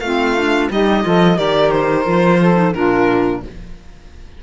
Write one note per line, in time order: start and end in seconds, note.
0.00 0.69 A3
0.00 0.37 C4
0.00 0.70 F4
0.00 0.68 F5
0.37 0.70 D4
0.70 1.04 G3
0.70 1.03 D#4
0.70 1.04 G4
0.70 1.38 D#5
1.03 1.38 F3
1.03 1.37 F4
1.03 1.37 A4
1.37 2.06 D#3
1.37 2.05 G4
1.37 2.39 A#4
1.37 1.71 D5
1.71 2.73 C5
2.05 2.74 F3
2.05 2.54 F4
2.40 2.75 A4
2.54 2.71 D#4
2.74 3.43 A#2
2.74 3.42 D4
2.74 3.43 F4
2.74 3.42 A#4